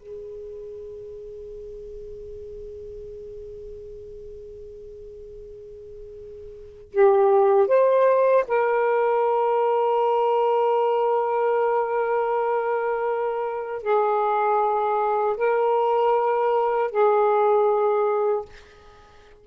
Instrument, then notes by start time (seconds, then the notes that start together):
saxophone
0.00 G#4
6.93 G4
7.68 C5
8.48 A#4
13.83 G#4
15.38 A#4
16.92 G#4